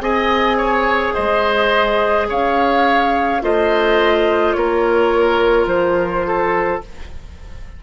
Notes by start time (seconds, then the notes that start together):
0.00 C4 G#4 D#5 G#5
0.58 C#5
1.14 G#3 C5 D#5
2.29 C#4 C#5 F5
3.42 A3 F4 C5 D#5
4.53 A#3 A#4 C#5
5.67 F3 C5
6.27 A4